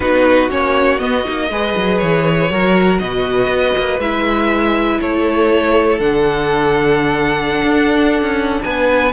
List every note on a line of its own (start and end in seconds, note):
0.00 0.50 B3
0.00 0.49 D#4
0.00 1.49 F#4
0.00 0.49 B4
0.49 1.00 A#3
0.49 0.98 C#4
0.49 0.98 C#5
0.98 1.23 B3
0.98 1.26 B3
0.98 1.98 D#5
1.24 1.50 A#3
1.24 1.49 D#4
1.50 1.75 G#3
1.50 2.50 G#4
1.50 2.51 B4
1.76 2.01 F#3
1.98 2.50 E3
1.98 2.98 C#5
2.50 3.00 F#3
2.50 4.00 F#4
2.50 3.01 A#4
2.98 3.47 B2
2.98 5.01 B4
2.98 3.98 D#5
3.47 3.72 B3
3.77 3.99 A#3
3.99 4.99 G#3
3.99 5.99 E4
3.99 5.00 E5
5.00 5.99 A3
5.00 8.63 A4
5.00 6.00 C#5
5.99 7.62 D3
5.99 9.12 D4
5.99 8.62 F#5
7.63 8.22 D4
8.22 8.59 C#4
8.62 9.12 B3
8.62 9.12 B4
8.62 9.12 G#5